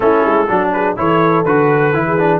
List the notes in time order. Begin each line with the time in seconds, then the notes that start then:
0.00 A3 C#4 E4 A4
0.25 G#3
0.48 F#3 D4 F#4
0.72 G#4 B4
0.96 E3 E4 A4 C#5
1.44 D3 F#4 B4
1.93 E3 E4
2.06 G#4
2.18 D4